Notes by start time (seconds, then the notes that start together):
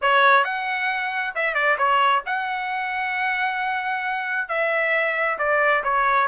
0.01 C#5
0.44 F#5
1.35 E5
1.54 D5
1.78 C#5
2.26 F#5
4.48 E5
5.38 D5
5.83 C#5